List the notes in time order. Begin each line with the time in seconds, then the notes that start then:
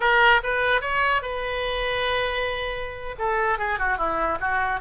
0.00 A#4
0.43 B4
0.81 C#5
1.22 B4
3.18 A4
3.58 G#4
3.78 F#4
3.97 E4
4.40 F#4